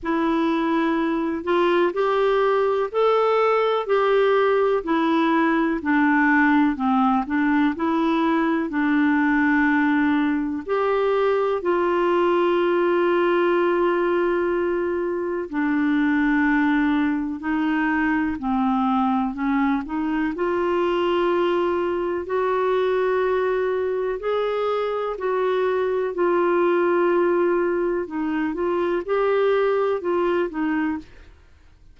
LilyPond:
\new Staff \with { instrumentName = "clarinet" } { \time 4/4 \tempo 4 = 62 e'4. f'8 g'4 a'4 | g'4 e'4 d'4 c'8 d'8 | e'4 d'2 g'4 | f'1 |
d'2 dis'4 c'4 | cis'8 dis'8 f'2 fis'4~ | fis'4 gis'4 fis'4 f'4~ | f'4 dis'8 f'8 g'4 f'8 dis'8 | }